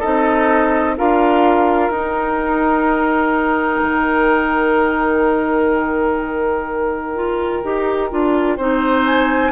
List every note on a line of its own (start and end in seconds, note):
0.00 0.99 C4
0.00 0.97 D#4
0.00 0.95 A4
0.00 0.96 D#5
0.97 1.90 D4
0.97 1.92 F4
0.97 8.57 A#4
0.97 1.91 F5
1.90 3.81 D#4
1.90 7.16 D#4
1.90 9.05 G5
3.83 7.64 D#3
7.16 7.63 F4
7.64 8.12 D#4
7.64 8.11 G4
8.11 8.58 D4
8.11 8.58 F4
8.57 9.53 C4
8.57 9.53 D#4
8.57 9.53 C5
9.05 9.53 G#5